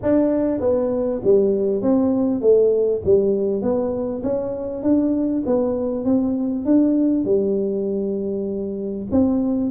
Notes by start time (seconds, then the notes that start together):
0.02 D4
0.60 B3
1.23 G3
1.82 C4
2.41 A3
3.04 G3
3.61 B3
4.23 C#4
4.82 D4
5.45 B3
6.04 C4
6.65 D4
7.25 G3
9.11 C4